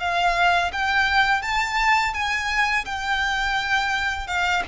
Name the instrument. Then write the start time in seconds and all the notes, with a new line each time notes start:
violin
0.00 F5
0.72 G5
1.42 A5
2.13 G#5
2.85 G5
4.27 F5